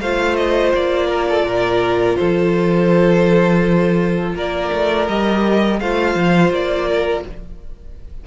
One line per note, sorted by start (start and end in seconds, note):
0.00 0.73 A3
0.00 5.08 F4
0.00 1.07 C5
0.00 0.36 F5
0.36 0.72 D#5
0.73 1.43 A#3
0.73 2.16 D5
1.07 1.25 A#4
1.29 1.46 A4
1.43 2.15 A#2
1.43 2.18 A#4
2.16 4.34 F3
2.16 4.35 A4
2.16 4.33 C5
4.34 4.70 A#3
4.34 5.80 A#4
4.34 5.08 D5
4.72 5.08 A3
5.08 5.80 G3
5.08 5.80 G4
5.08 5.80 D#5
5.80 6.15 A3
5.80 7.26 F4
5.80 6.88 C5
5.80 6.52 F5
6.15 6.50 F3
6.50 7.22 A#3
6.50 7.25 D5
6.88 7.24 A#4